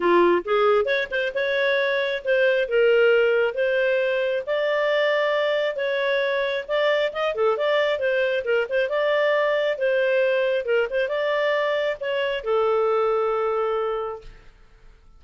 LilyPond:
\new Staff \with { instrumentName = "clarinet" } { \time 4/4 \tempo 4 = 135 f'4 gis'4 cis''8 c''8 cis''4~ | cis''4 c''4 ais'2 | c''2 d''2~ | d''4 cis''2 d''4 |
dis''8 a'8 d''4 c''4 ais'8 c''8 | d''2 c''2 | ais'8 c''8 d''2 cis''4 | a'1 | }